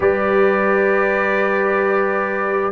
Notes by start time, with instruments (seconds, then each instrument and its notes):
0.00 tuba G3, trombone G4, horn B4, trumpet D5